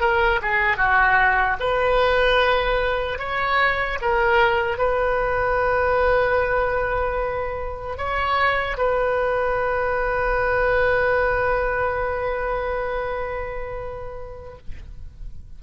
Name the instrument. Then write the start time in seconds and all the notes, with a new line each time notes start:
oboe
0.00 A#4
0.41 G#4
0.77 F#4
1.60 B4
3.19 C#5
4.01 A#4
4.77 B4
7.97 C#5
8.77 B4